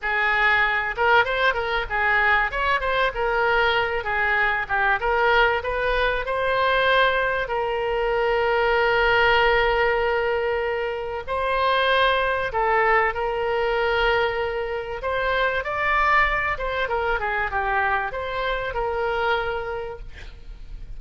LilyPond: \new Staff \with { instrumentName = "oboe" } { \time 4/4 \tempo 4 = 96 gis'4. ais'8 c''8 ais'8 gis'4 | cis''8 c''8 ais'4. gis'4 g'8 | ais'4 b'4 c''2 | ais'1~ |
ais'2 c''2 | a'4 ais'2. | c''4 d''4. c''8 ais'8 gis'8 | g'4 c''4 ais'2 | }